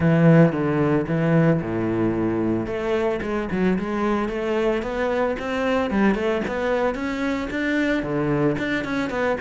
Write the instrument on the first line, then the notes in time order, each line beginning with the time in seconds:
cello
0.00 E3
0.52 D3
1.07 E3
1.61 A2
2.66 A3
3.22 G#3
3.51 F#3
3.78 G#3
4.28 A3
4.82 B3
5.39 C4
5.90 G3
6.15 A3
6.47 B3
6.94 C#4
7.50 D4
8.02 D3
8.58 D4
8.84 C#4
9.09 B3